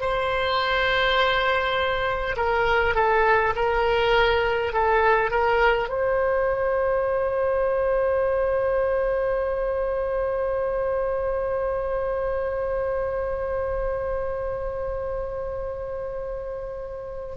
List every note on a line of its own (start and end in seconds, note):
0.00 2.35 C5
2.36 2.95 A#4
2.95 3.53 A4
3.55 4.72 A#4
4.72 5.30 A4
5.30 5.89 A#4
5.89 17.36 C5